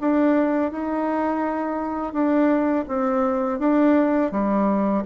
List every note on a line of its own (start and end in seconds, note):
0.00 0.71 D4
0.71 2.13 D#4
2.13 2.85 D4
2.88 3.59 C4
3.59 4.31 D4
4.31 5.03 G3